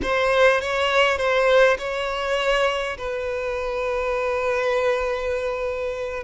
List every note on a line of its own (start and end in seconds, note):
0.02 0.60 C5
0.60 1.17 C#5
1.17 1.77 C5
1.78 2.97 C#5
2.97 6.23 B4